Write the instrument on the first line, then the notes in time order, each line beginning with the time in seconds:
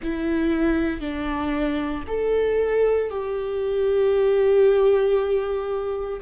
viola
0.02 E4
1.00 D4
2.07 A4
3.10 G4